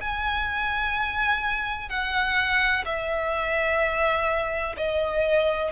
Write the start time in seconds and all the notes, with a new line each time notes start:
0.00 G#5
1.89 F#5
2.85 E5
4.77 D#5